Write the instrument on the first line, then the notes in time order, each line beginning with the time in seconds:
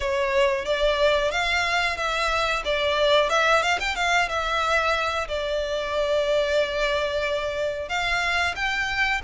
violin
0.00 C#5
0.65 D5
1.31 F5
1.96 E5
2.64 D5
3.29 E5
3.62 F5
3.79 G5
3.95 F5
4.29 E5
5.28 D5
7.89 F5
8.55 G5